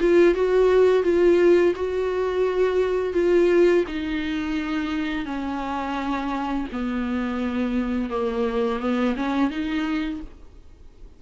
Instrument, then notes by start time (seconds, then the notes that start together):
viola
0.00 F4
0.35 F#4
1.03 F4
1.76 F#4
3.13 F4
3.88 D#4
5.26 C#4
6.72 B3
8.10 A#3
8.80 B3
9.16 C#4
9.50 D#4